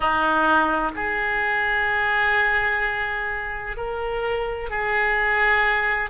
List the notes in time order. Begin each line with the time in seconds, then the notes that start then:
0.00 D#4
0.95 G#4
3.77 A#4
4.70 G#4